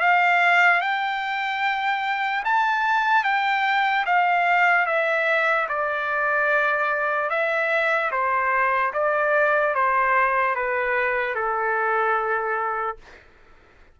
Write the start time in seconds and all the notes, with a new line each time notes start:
0.00 F5
0.81 G5
2.44 A5
3.24 G5
4.06 F5
4.86 E5
5.68 D5
7.29 E5
8.11 C5
8.93 D5
9.74 C5
10.55 B4
11.34 A4